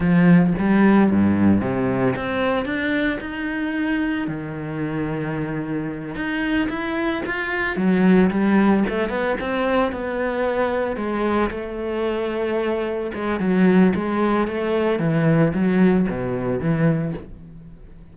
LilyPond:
\new Staff \with { instrumentName = "cello" } { \time 4/4 \tempo 4 = 112 f4 g4 g,4 c4 | c'4 d'4 dis'2 | dis2.~ dis8 dis'8~ | dis'8 e'4 f'4 fis4 g8~ |
g8 a8 b8 c'4 b4.~ | b8 gis4 a2~ a8~ | a8 gis8 fis4 gis4 a4 | e4 fis4 b,4 e4 | }